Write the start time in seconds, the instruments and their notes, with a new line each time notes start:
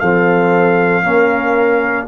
0.00 tuba F3, trombone C4, horn A4, trumpet F5
1.04 tuba A#3, trombone C#4, horn A#4